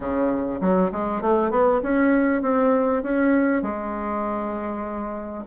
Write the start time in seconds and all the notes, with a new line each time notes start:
0.00 C#3
0.60 F#3
0.91 G#3
1.21 A3
1.50 B3
1.82 C#4
2.42 C4
3.02 C#4
3.62 G#3